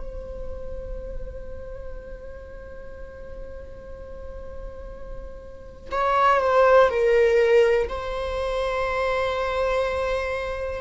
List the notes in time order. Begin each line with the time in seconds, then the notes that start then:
0.00 C5
5.92 C#5
6.41 C5
6.90 A#4
7.89 C5